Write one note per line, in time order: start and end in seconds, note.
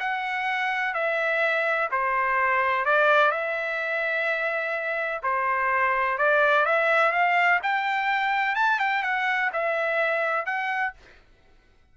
0.00 0.95 F#5
0.95 1.90 E5
1.92 2.86 C5
2.86 3.32 D5
3.32 5.22 E5
5.23 6.18 C5
6.18 6.66 D5
6.66 7.12 E5
7.12 7.60 F5
7.63 8.56 G5
8.56 8.79 A5
8.80 9.03 G5
9.03 9.51 F#5
9.53 10.46 E5
10.46 10.94 F#5